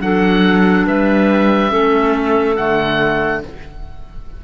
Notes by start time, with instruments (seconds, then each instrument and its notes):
0.00 cello F#3, clarinet D4 A4, oboe F#5
0.86 cello G3, clarinet B4, oboe E5
1.69 cello A3, clarinet C#4 A4
2.56 cello D3, clarinet A3, oboe F#5